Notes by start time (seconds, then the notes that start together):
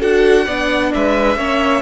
0.00 D4 F#4 A4 F#5
0.45 B3 D4 D5
0.94 G#3 B4 E5
1.37 A#3 C#4 C#5